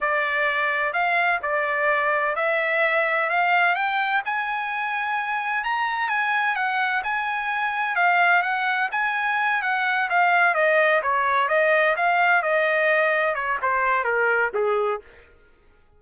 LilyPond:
\new Staff \with { instrumentName = "trumpet" } { \time 4/4 \tempo 4 = 128 d''2 f''4 d''4~ | d''4 e''2 f''4 | g''4 gis''2. | ais''4 gis''4 fis''4 gis''4~ |
gis''4 f''4 fis''4 gis''4~ | gis''8 fis''4 f''4 dis''4 cis''8~ | cis''8 dis''4 f''4 dis''4.~ | dis''8 cis''8 c''4 ais'4 gis'4 | }